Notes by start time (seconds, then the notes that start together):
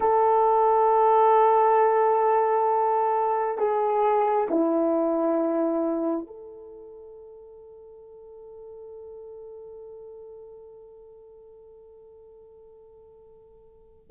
0.00 A4
3.57 G#4
4.49 E4
6.26 A4